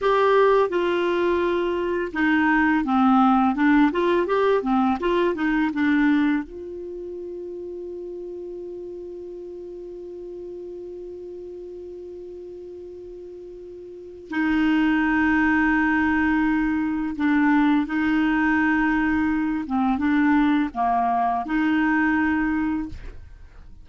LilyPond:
\new Staff \with { instrumentName = "clarinet" } { \time 4/4 \tempo 4 = 84 g'4 f'2 dis'4 | c'4 d'8 f'8 g'8 c'8 f'8 dis'8 | d'4 f'2.~ | f'1~ |
f'1 | dis'1 | d'4 dis'2~ dis'8 c'8 | d'4 ais4 dis'2 | }